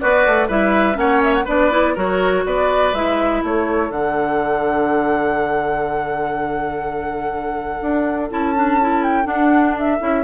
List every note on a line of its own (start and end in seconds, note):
0.00 0.27 B3
0.00 0.48 F#4
0.00 0.50 B4
0.00 0.49 D5
0.27 0.50 A3
0.48 0.97 G3
0.48 0.94 E4
0.48 0.97 B4
0.48 0.98 E5
0.94 1.45 A#3
0.94 1.43 C#4
0.94 1.45 C#5
0.94 1.23 F#5
1.24 1.34 E5
1.34 1.46 F#5
1.45 1.97 B3
1.45 1.71 D4
1.45 1.94 B4
1.45 1.97 D5
1.71 1.96 E4
1.96 2.45 F#3
1.96 2.94 F#4
1.96 2.44 A#4
1.96 2.46 C#5
2.45 2.93 B3
2.45 3.43 B4
2.45 2.94 D5
2.93 3.42 G#3
2.93 3.92 E4
2.93 3.43 E5
3.43 3.90 A3
3.43 10.24 A4
3.43 3.91 C#5
3.90 7.80 D3
3.90 8.31 D4
3.90 8.30 F#5
7.82 8.31 D4
8.31 9.26 C#4
8.31 8.55 E4
8.31 9.03 A5
8.56 8.80 D4
8.82 9.24 E4
9.03 9.27 G5
9.24 9.98 D4
9.24 10.00 D4
9.24 9.76 F#5
9.79 10.24 E5
10.01 10.24 C#4
10.01 10.24 E4